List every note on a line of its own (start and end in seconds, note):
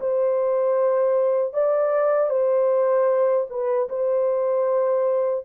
0.00 1.53 C5
1.53 2.30 D5
2.30 3.46 C5
3.50 3.89 B4
3.89 5.45 C5